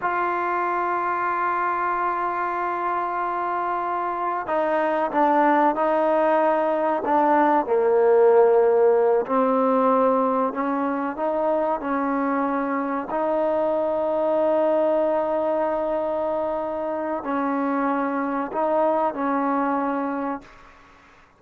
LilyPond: \new Staff \with { instrumentName = "trombone" } { \time 4/4 \tempo 4 = 94 f'1~ | f'2. dis'4 | d'4 dis'2 d'4 | ais2~ ais8 c'4.~ |
c'8 cis'4 dis'4 cis'4.~ | cis'8 dis'2.~ dis'8~ | dis'2. cis'4~ | cis'4 dis'4 cis'2 | }